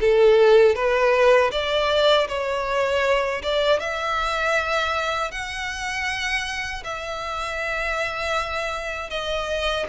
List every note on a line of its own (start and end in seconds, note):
0.00 0.75 A4
0.75 1.51 B4
1.52 2.28 D5
2.28 3.42 C#5
3.42 3.80 D5
3.80 5.31 E5
5.31 6.83 F#5
6.84 9.10 E5
9.10 9.86 D#5